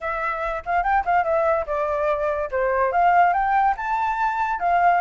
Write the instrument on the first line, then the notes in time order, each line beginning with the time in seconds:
flute
0.00 E5
0.65 F5
0.83 G5
1.05 F5
1.24 E5
1.66 D5
2.51 C5
2.91 F5
3.33 G5
3.77 A5
4.59 F5